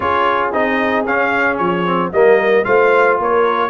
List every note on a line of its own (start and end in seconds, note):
0.00 0.53 C#4
0.00 0.52 F4
0.00 2.11 G#4
0.00 0.49 C#5
0.52 1.06 C4
0.52 1.05 D#4
0.52 1.06 D#5
1.06 1.59 C#4
1.06 1.85 C#4
1.06 1.57 F5
1.57 2.12 F3
1.57 2.10 C#5
1.85 2.12 C4
2.12 2.65 G3
2.12 2.64 A#3
2.12 2.66 A#4
2.12 2.64 D#5
2.64 3.19 A3
2.64 3.70 F4
2.64 3.19 C5
2.64 3.17 F5
3.19 3.70 A#3
3.19 3.70 A#4
3.19 3.70 C#5